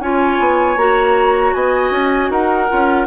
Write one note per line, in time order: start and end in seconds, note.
0.00 0.38 C#4
0.00 0.77 F4
0.00 1.55 C#5
0.00 0.78 G#5
0.39 0.76 B3
0.76 1.53 A#3
0.76 2.69 F#4
0.76 1.54 A#5
1.54 1.91 B3
1.54 2.31 D#5
1.54 2.31 G#5
1.91 2.29 C#4
2.30 2.68 D#4
2.30 3.07 A#4
2.30 3.07 F#5
2.69 3.07 C#4
2.69 3.07 F4